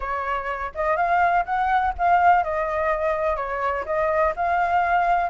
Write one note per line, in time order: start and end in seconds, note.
0.00 0.71 C#5
0.74 0.96 D#5
0.96 1.45 F5
1.45 1.93 F#5
1.98 2.43 F5
2.43 3.36 D#5
3.36 3.85 C#5
3.85 4.34 D#5
4.36 5.30 F5